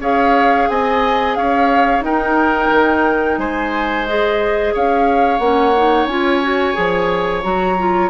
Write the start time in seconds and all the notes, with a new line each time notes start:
0.00 C#4 G#4 C#5 F5
0.70 C4 D#5 G#5
1.36 C#4 C#5 F5
2.01 D#4 A#4 G5
2.71 D#3
3.38 G#3 C5 G#5
4.07 G#4 D#5
4.74 C#4 C#5 F5
5.39 A#3 C#4 F#5
5.77 D#4
6.07 C#4 F4 G#5
6.43 F#4
6.74 F3 G#4
7.43 F#3 F#4 A#5
7.79 F4